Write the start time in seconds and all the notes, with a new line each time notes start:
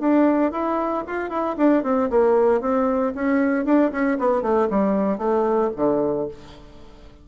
0.00 D4
0.52 E4
1.07 F4
1.30 E4
1.58 D4
1.84 C4
2.10 A#3
2.61 C4
3.15 C#4
3.65 D4
3.92 C#4
4.19 B3
4.42 A3
4.70 G3
5.18 A3
5.76 D3